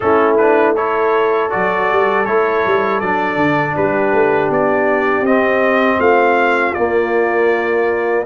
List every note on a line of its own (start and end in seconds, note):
0.00 1.52 A3
0.00 0.39 C#4
0.00 0.75 E4
0.00 0.36 A4
0.37 0.75 D4
0.37 0.75 B4
0.75 1.50 E4
0.75 3.75 A4
0.75 1.50 C#5
1.50 1.91 F#3
1.50 2.25 F#4
1.50 2.25 D5
1.91 2.26 G3
2.25 2.63 A3
2.25 3.02 E4
2.25 3.00 C#5
2.65 3.01 G3
3.00 3.36 F#3
3.00 5.25 D4
3.00 3.75 D5
3.36 3.73 D3
3.76 4.12 G3
3.76 5.99 G4
3.76 4.51 B4
4.12 4.49 A3
4.49 5.21 B3
4.49 5.25 D5
5.21 5.96 C4
5.21 6.75 C4
5.21 6.00 D#5
5.99 6.74 A3
5.99 8.24 F4
5.99 6.73 F5
6.73 8.25 A#3
6.73 8.23 D5